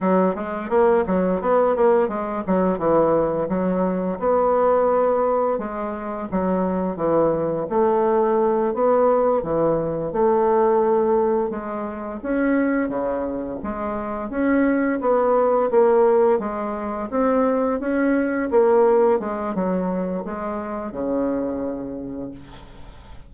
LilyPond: \new Staff \with { instrumentName = "bassoon" } { \time 4/4 \tempo 4 = 86 fis8 gis8 ais8 fis8 b8 ais8 gis8 fis8 | e4 fis4 b2 | gis4 fis4 e4 a4~ | a8 b4 e4 a4.~ |
a8 gis4 cis'4 cis4 gis8~ | gis8 cis'4 b4 ais4 gis8~ | gis8 c'4 cis'4 ais4 gis8 | fis4 gis4 cis2 | }